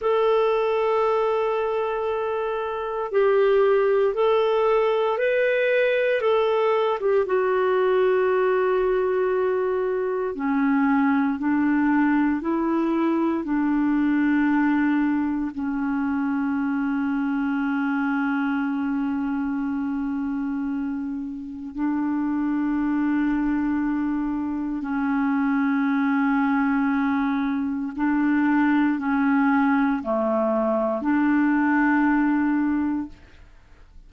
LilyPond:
\new Staff \with { instrumentName = "clarinet" } { \time 4/4 \tempo 4 = 58 a'2. g'4 | a'4 b'4 a'8. g'16 fis'4~ | fis'2 cis'4 d'4 | e'4 d'2 cis'4~ |
cis'1~ | cis'4 d'2. | cis'2. d'4 | cis'4 a4 d'2 | }